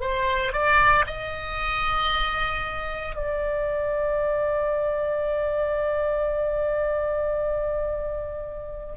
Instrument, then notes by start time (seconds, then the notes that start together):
oboe
0.00 C5
0.52 D5
1.06 D#5
3.15 D5